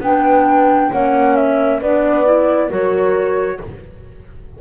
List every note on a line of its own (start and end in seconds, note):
0.00 0.90 B3
0.00 0.92 D4
0.00 0.91 B4
0.00 0.92 G5
0.91 1.82 A#3
0.91 1.81 C#4
0.91 1.80 C#5
0.91 1.35 F#5
1.35 1.80 E5
1.80 2.70 B3
1.80 2.24 D4
1.80 2.69 B4
1.80 2.71 D5
2.24 2.69 E4
2.69 3.60 F#3
2.69 3.59 F#4
2.69 3.59 A#4
2.69 3.61 C#5